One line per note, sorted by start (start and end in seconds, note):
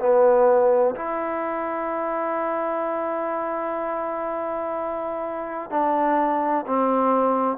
0.00 0.95 B3
0.96 5.70 E4
5.70 6.65 D4
6.67 7.58 C4